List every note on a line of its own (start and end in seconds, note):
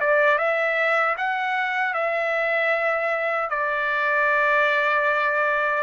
0.00 0.38 D5
0.38 1.16 E5
1.17 1.94 F#5
1.94 3.50 E5
3.50 5.83 D5